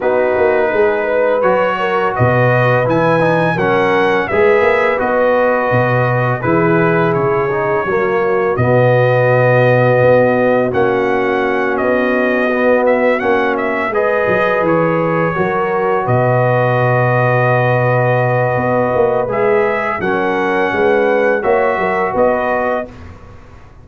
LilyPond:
<<
  \new Staff \with { instrumentName = "trumpet" } { \time 4/4 \tempo 4 = 84 b'2 cis''4 dis''4 | gis''4 fis''4 e''4 dis''4~ | dis''4 b'4 cis''2 | dis''2. fis''4~ |
fis''8 dis''4. e''8 fis''8 e''8 dis''8~ | dis''8 cis''2 dis''4.~ | dis''2. e''4 | fis''2 e''4 dis''4 | }
  \new Staff \with { instrumentName = "horn" } { \time 4/4 fis'4 gis'8 b'4 ais'8 b'4~ | b'4 ais'4 b'2~ | b'4 gis'2 fis'4~ | fis'1~ |
fis'2.~ fis'8 b'8~ | b'4. ais'4 b'4.~ | b'1 | ais'4 b'4 cis''8 ais'8 b'4 | }
  \new Staff \with { instrumentName = "trombone" } { \time 4/4 dis'2 fis'2 | e'8 dis'8 cis'4 gis'4 fis'4~ | fis'4 e'4. dis'8 ais4 | b2. cis'4~ |
cis'4. b4 cis'4 gis'8~ | gis'4. fis'2~ fis'8~ | fis'2. gis'4 | cis'2 fis'2 | }
  \new Staff \with { instrumentName = "tuba" } { \time 4/4 b8 ais8 gis4 fis4 b,4 | e4 fis4 gis8 ais8 b4 | b,4 e4 cis4 fis4 | b,2 b4 ais4~ |
ais8 b2 ais4 gis8 | fis8 e4 fis4 b,4.~ | b,2 b8 ais8 gis4 | fis4 gis4 ais8 fis8 b4 | }
>>